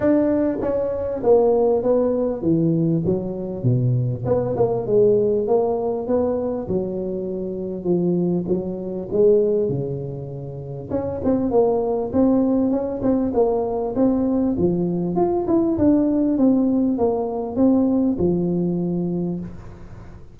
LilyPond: \new Staff \with { instrumentName = "tuba" } { \time 4/4 \tempo 4 = 99 d'4 cis'4 ais4 b4 | e4 fis4 b,4 b8 ais8 | gis4 ais4 b4 fis4~ | fis4 f4 fis4 gis4 |
cis2 cis'8 c'8 ais4 | c'4 cis'8 c'8 ais4 c'4 | f4 f'8 e'8 d'4 c'4 | ais4 c'4 f2 | }